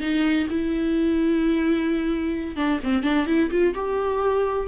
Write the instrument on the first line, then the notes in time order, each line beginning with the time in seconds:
viola
0.00 D#4
0.50 E4
2.56 D4
2.83 C4
3.03 D4
3.26 E4
3.50 F4
3.74 G4